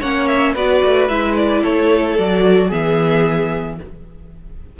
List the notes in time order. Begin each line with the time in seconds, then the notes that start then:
0.00 A#3 C#4 C#5 F#5
0.28 E5
0.54 B3 F#4 B4 D5
0.85 A3
1.08 G#3 E4 E5
1.37 D5
1.63 A3 A4 C#5
2.17 F#3 F#4 D5
2.68 E3 B3 G#4 E5